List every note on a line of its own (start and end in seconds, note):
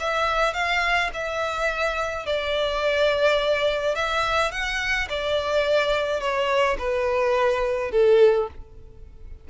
0.00 0.54 E5
0.54 1.10 F5
1.13 2.26 E5
2.26 3.95 D5
3.95 4.52 E5
4.52 5.08 F#5
5.09 6.20 D5
6.20 6.77 C#5
6.78 7.91 B4
7.91 8.48 A4